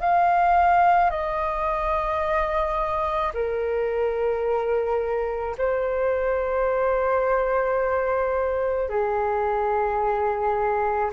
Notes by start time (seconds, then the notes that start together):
0.00 F5
1.10 D#5
3.34 A#4
5.58 C5
8.89 G#4